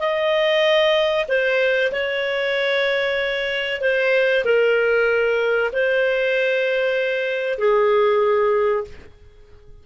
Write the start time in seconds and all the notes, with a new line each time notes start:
0.00 D#5
1.29 C5
1.92 C#5
3.82 C5
4.45 A#4
5.73 C5
7.59 G#4